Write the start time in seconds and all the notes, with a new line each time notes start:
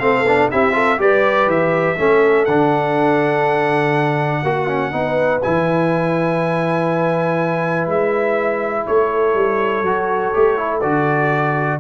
0.00 A3 C4 A4 F5
0.24 B3 D4
0.51 C4 E4 G4 E5
0.73 F4 A4
0.98 G3 G4 B4 D5
1.47 E3 E5
1.99 A3 C#4 A4
2.46 D3 D4 F#5
4.42 A#3 F#4
4.68 C#4
4.92 B3 D#4 B4
5.43 E3 E4 G#5
7.87 G#3 E5
8.87 A3 A4 C#5
9.35 G3
9.83 F#3 F#4
10.34 A3 G4
10.57 E4
10.81 D3 F#4 D5